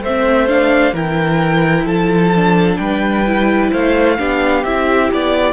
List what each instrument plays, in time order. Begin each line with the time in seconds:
0.00 cello A3, violin C5 E5
0.07 viola C4
0.48 viola D4, violin F5
0.92 cello E3, viola E4, violin A#4 G5
1.85 cello F3, violin A4 A5
2.35 viola D4
2.77 cello G3, violin B4 G5
3.26 viola E4
3.71 cello A3, violin C5 F5
4.18 cello B3, viola D4, violin G4
4.64 cello C4, viola E4, violin E5
5.13 cello B3, violin D5